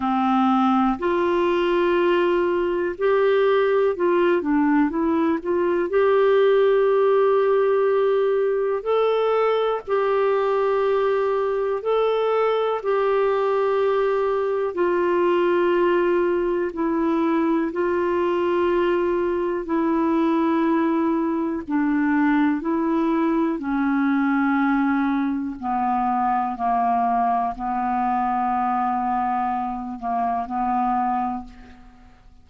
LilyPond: \new Staff \with { instrumentName = "clarinet" } { \time 4/4 \tempo 4 = 61 c'4 f'2 g'4 | f'8 d'8 e'8 f'8 g'2~ | g'4 a'4 g'2 | a'4 g'2 f'4~ |
f'4 e'4 f'2 | e'2 d'4 e'4 | cis'2 b4 ais4 | b2~ b8 ais8 b4 | }